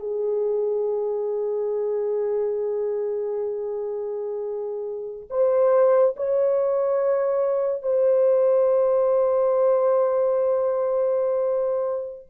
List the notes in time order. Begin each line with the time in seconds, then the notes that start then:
0.00 G#4
5.30 C5
6.17 C#5
7.83 C5